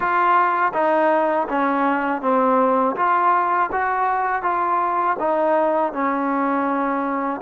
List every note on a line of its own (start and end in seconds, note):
0.00 0.72 F4
0.73 1.47 D#4
1.48 2.21 C#4
2.21 2.95 C4
2.96 3.70 F4
3.72 4.42 F#4
4.42 5.16 F4
5.19 5.93 D#4
5.93 7.41 C#4